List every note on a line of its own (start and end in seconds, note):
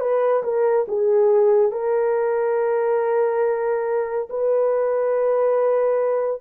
0.00 0.43 B4
0.43 0.86 A#4
0.88 1.71 G#4
1.71 4.29 A#4
4.30 6.41 B4